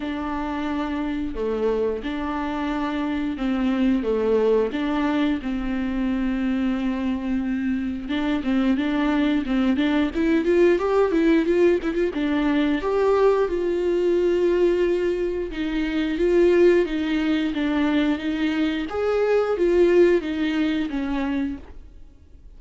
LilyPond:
\new Staff \with { instrumentName = "viola" } { \time 4/4 \tempo 4 = 89 d'2 a4 d'4~ | d'4 c'4 a4 d'4 | c'1 | d'8 c'8 d'4 c'8 d'8 e'8 f'8 |
g'8 e'8 f'8 e'16 f'16 d'4 g'4 | f'2. dis'4 | f'4 dis'4 d'4 dis'4 | gis'4 f'4 dis'4 cis'4 | }